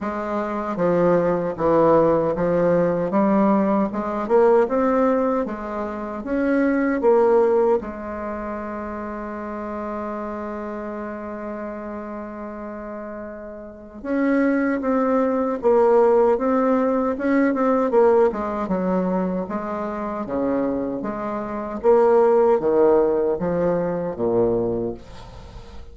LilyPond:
\new Staff \with { instrumentName = "bassoon" } { \time 4/4 \tempo 4 = 77 gis4 f4 e4 f4 | g4 gis8 ais8 c'4 gis4 | cis'4 ais4 gis2~ | gis1~ |
gis2 cis'4 c'4 | ais4 c'4 cis'8 c'8 ais8 gis8 | fis4 gis4 cis4 gis4 | ais4 dis4 f4 ais,4 | }